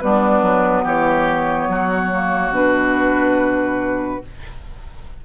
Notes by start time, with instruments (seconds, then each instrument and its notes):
0.00 bassoon G3, clarinet B3, oboe D4, flute B4
0.42 bassoon F#3
0.84 bassoon E3, oboe G4, flute C#5
1.68 bassoon F#3, oboe F#4
2.12 clarinet A#3
2.50 bassoon B2, clarinet D4, flute B4